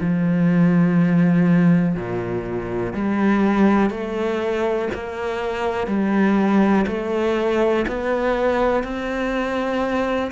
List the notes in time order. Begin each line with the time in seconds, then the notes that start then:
0.00 F3
1.95 A#2
2.93 G3
3.90 A3
4.94 A#3
5.87 G3
6.87 A3
7.87 B3
8.83 C4